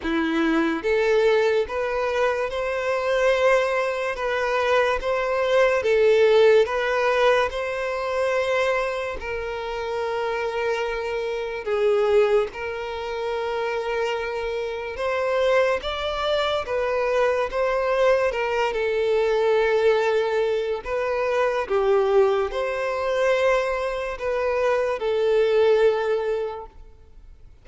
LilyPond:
\new Staff \with { instrumentName = "violin" } { \time 4/4 \tempo 4 = 72 e'4 a'4 b'4 c''4~ | c''4 b'4 c''4 a'4 | b'4 c''2 ais'4~ | ais'2 gis'4 ais'4~ |
ais'2 c''4 d''4 | b'4 c''4 ais'8 a'4.~ | a'4 b'4 g'4 c''4~ | c''4 b'4 a'2 | }